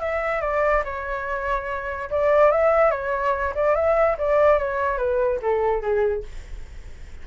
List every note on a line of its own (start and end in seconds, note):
0.00 0.41 E5
0.41 0.83 D5
0.84 2.09 C#5
2.10 2.51 D5
2.51 2.91 E5
2.91 3.53 C#5
3.55 3.75 D5
3.75 4.17 E5
4.18 4.58 D5
4.58 4.98 C#5
4.98 5.39 B4
5.42 5.82 A4
5.82 6.23 G#4